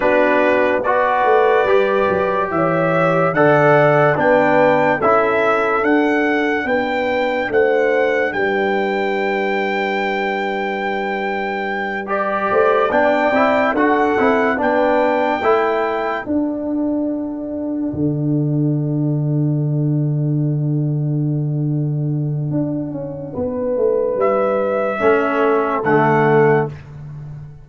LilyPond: <<
  \new Staff \with { instrumentName = "trumpet" } { \time 4/4 \tempo 4 = 72 b'4 d''2 e''4 | fis''4 g''4 e''4 fis''4 | g''4 fis''4 g''2~ | g''2~ g''8 d''4 g''8~ |
g''8 fis''4 g''2 fis''8~ | fis''1~ | fis''1~ | fis''4 e''2 fis''4 | }
  \new Staff \with { instrumentName = "horn" } { \time 4/4 fis'4 b'2 cis''4 | d''4 b'4 a'2 | b'4 c''4 b'2~ | b'2. c''8 d''8~ |
d''8 a'4 b'4 a'4.~ | a'1~ | a'1 | b'2 a'2 | }
  \new Staff \with { instrumentName = "trombone" } { \time 4/4 d'4 fis'4 g'2 | a'4 d'4 e'4 d'4~ | d'1~ | d'2~ d'8 g'4 d'8 |
e'8 fis'8 e'8 d'4 e'4 d'8~ | d'1~ | d'1~ | d'2 cis'4 a4 | }
  \new Staff \with { instrumentName = "tuba" } { \time 4/4 b4. a8 g8 fis8 e4 | d4 b4 cis'4 d'4 | b4 a4 g2~ | g2. a8 b8 |
c'8 d'8 c'8 b4 a4 d'8~ | d'4. d2~ d8~ | d2. d'8 cis'8 | b8 a8 g4 a4 d4 | }
>>